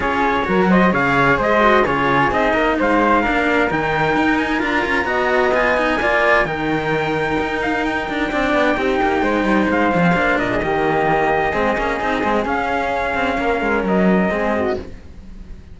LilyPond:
<<
  \new Staff \with { instrumentName = "trumpet" } { \time 4/4 \tempo 4 = 130 cis''4. dis''8 f''4 dis''4 | cis''4 dis''4 f''2 | g''4. gis''8 ais''2 | gis''2 g''2~ |
g''8 f''8 g''2.~ | g''4 f''4. dis''4.~ | dis''2. f''4~ | f''2 dis''2 | }
  \new Staff \with { instrumentName = "flute" } { \time 4/4 gis'4 ais'8 c''8 cis''4 c''4 | gis'4. ais'8 c''4 ais'4~ | ais'2. dis''4~ | dis''4 d''4 ais'2~ |
ais'2 d''4 g'4 | c''2~ c''8 ais'16 gis'16 g'4~ | g'4 gis'2.~ | gis'4 ais'2 gis'8 fis'8 | }
  \new Staff \with { instrumentName = "cello" } { \time 4/4 f'4 fis'4 gis'4. fis'8 | f'4 dis'2 d'4 | dis'2 f'4 fis'4 | f'8 dis'8 f'4 dis'2~ |
dis'2 d'4 dis'4~ | dis'4. d'16 c'16 d'4 ais4~ | ais4 c'8 cis'8 dis'8 c'8 cis'4~ | cis'2. c'4 | }
  \new Staff \with { instrumentName = "cello" } { \time 4/4 cis'4 fis4 cis4 gis4 | cis4 c'8 ais8 gis4 ais4 | dis4 dis'4 d'8 cis'8 b4~ | b4 ais4 dis2 |
dis'4. d'8 c'8 b8 c'8 ais8 | gis8 g8 gis8 f8 ais8 ais,8 dis4~ | dis4 gis8 ais8 c'8 gis8 cis'4~ | cis'8 c'8 ais8 gis8 fis4 gis4 | }
>>